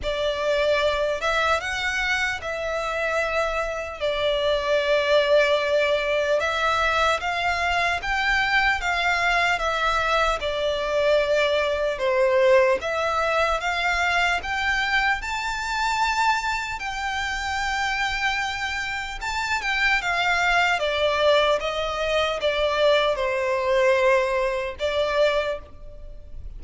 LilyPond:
\new Staff \with { instrumentName = "violin" } { \time 4/4 \tempo 4 = 75 d''4. e''8 fis''4 e''4~ | e''4 d''2. | e''4 f''4 g''4 f''4 | e''4 d''2 c''4 |
e''4 f''4 g''4 a''4~ | a''4 g''2. | a''8 g''8 f''4 d''4 dis''4 | d''4 c''2 d''4 | }